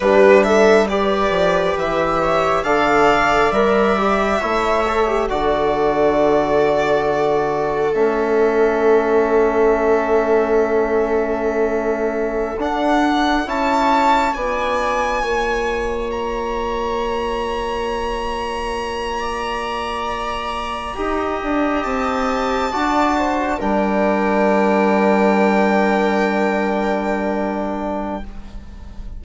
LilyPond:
<<
  \new Staff \with { instrumentName = "violin" } { \time 4/4 \tempo 4 = 68 b'8 e''8 d''4 e''4 f''4 | e''2 d''2~ | d''4 e''2.~ | e''2~ e''16 fis''4 a''8.~ |
a''16 gis''2 ais''4.~ ais''16~ | ais''1~ | ais''8. a''2 g''4~ g''16~ | g''1 | }
  \new Staff \with { instrumentName = "viola" } { \time 4/4 g'8 a'8 b'4. cis''8 d''4~ | d''4 cis''4 a'2~ | a'1~ | a'2.~ a'16 cis''8.~ |
cis''16 d''4 cis''2~ cis''8.~ | cis''4.~ cis''16 d''2 dis''16~ | dis''4.~ dis''16 d''8 c''8 ais'4~ ais'16~ | ais'1 | }
  \new Staff \with { instrumentName = "trombone" } { \time 4/4 d'4 g'2 a'4 | ais'8 g'8 e'8 a'16 g'16 fis'2~ | fis'4 cis'2.~ | cis'2~ cis'16 d'4 e'8.~ |
e'16 f'2.~ f'8.~ | f'2.~ f'8. g'16~ | g'4.~ g'16 fis'4 d'4~ d'16~ | d'1 | }
  \new Staff \with { instrumentName = "bassoon" } { \time 4/4 g4. f8 e4 d4 | g4 a4 d2~ | d4 a2.~ | a2~ a16 d'4 cis'8.~ |
cis'16 b4 ais2~ ais8.~ | ais2.~ ais8. dis'16~ | dis'16 d'8 c'4 d'4 g4~ g16~ | g1 | }
>>